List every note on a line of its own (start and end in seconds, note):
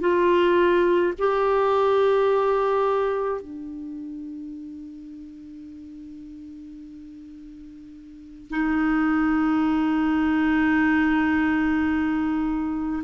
0.00 1.13 F4
1.18 3.41 G4
3.41 8.50 D4
8.50 13.03 D#4